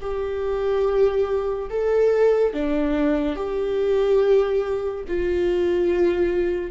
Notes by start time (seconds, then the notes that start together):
0.00 G4
1.69 A4
2.53 D4
3.35 G4
5.07 F4